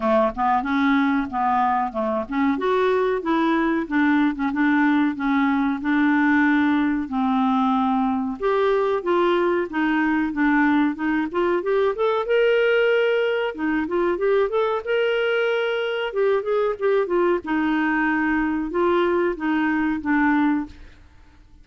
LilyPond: \new Staff \with { instrumentName = "clarinet" } { \time 4/4 \tempo 4 = 93 a8 b8 cis'4 b4 a8 cis'8 | fis'4 e'4 d'8. cis'16 d'4 | cis'4 d'2 c'4~ | c'4 g'4 f'4 dis'4 |
d'4 dis'8 f'8 g'8 a'8 ais'4~ | ais'4 dis'8 f'8 g'8 a'8 ais'4~ | ais'4 g'8 gis'8 g'8 f'8 dis'4~ | dis'4 f'4 dis'4 d'4 | }